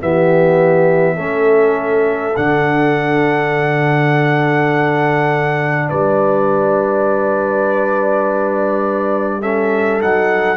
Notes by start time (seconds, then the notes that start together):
0.00 E3 B3 G4 E5
1.15 A3 C#4 A4
2.36 D3 D4 F#5
5.89 G3 B4 D5
9.41 C#4 A4 E5
10.01 F#3 D#4 F#5